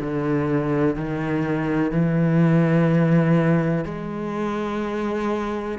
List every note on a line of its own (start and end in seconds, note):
0.00 0.95 D3
0.95 1.91 D#3
1.91 3.84 E3
3.84 5.78 G#3